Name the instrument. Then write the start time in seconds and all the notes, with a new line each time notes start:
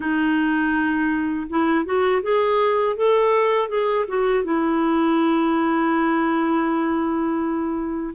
clarinet
0.00 D#4
1.49 E4
1.85 F#4
2.22 G#4
2.96 A4
3.68 G#4
4.07 F#4
4.43 E4